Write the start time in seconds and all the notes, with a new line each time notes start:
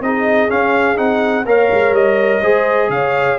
0.00 C4 D#4 G#4 D#5
0.48 C#4 F5
0.95 C4 D#4 F#5
1.45 A#3 A#4 C#5 F5
1.71 G#3
1.91 G3 D#5
2.42 G#3 G#4 C5
2.88 C#3 C#5 F5